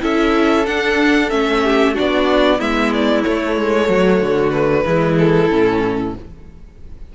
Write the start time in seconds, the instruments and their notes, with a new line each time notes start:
0.00 cello C#4, viola E4, violin A4 E5
0.66 viola D4, cello D4, violin F#5
1.30 cello A3, viola C#4, violin E5
1.64 violin G4
1.94 cello B3, viola D4, violin F#4 D5
2.59 cello G#3, viola B3, violin E4 E5
2.94 violin D5
3.23 viola A3, cello A3, violin C#5
3.57 cello G#3
3.89 cello F#3, violin F#4
4.21 cello D3
4.51 violin B4
4.85 cello E3, viola G#3, violin E4
5.18 violin A4
5.50 cello A2, viola C#4